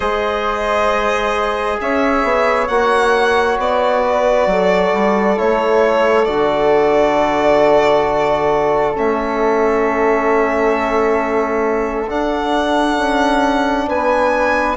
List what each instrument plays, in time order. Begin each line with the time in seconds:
0.00 bassoon G#3, trombone G#4, flute C5, violin D#5
1.80 bassoon C#4, flute C#5, violin E5
2.23 bassoon B3
2.67 bassoon A#3, trombone F#4, violin F#5
3.57 bassoon B3, violin D5
4.02 flute B4
4.46 bassoon F#3, flute A4
4.92 bassoon G3
5.36 bassoon A3, trombone E4, violin C#5
6.25 bassoon D3, trombone F#4, violin D5
8.93 bassoon A3, trombone C#4, violin E5
12.08 trombone D4, bassoon D4, violin F#5
12.96 bassoon C#4
13.87 bassoon B3, flute B4, violin G#5